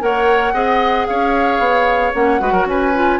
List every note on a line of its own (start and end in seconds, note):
0.00 0.53 A#3
0.00 0.53 A#4
0.00 0.54 C#5
0.00 1.06 F#5
0.53 1.06 C4
0.53 2.13 G#4
0.53 1.07 D#5
1.06 1.59 C#4
1.06 2.41 C#5
1.06 2.13 F5
1.59 2.12 B3
2.14 2.40 A#3
2.14 2.39 C#4
2.14 2.67 F#5
2.39 2.52 G#3
2.39 2.93 F#4
2.39 2.53 B4
2.52 2.65 F#3
2.52 2.66 A#4
2.65 3.18 C#4
2.65 3.19 B4
2.65 3.19 G#5
2.94 3.19 F4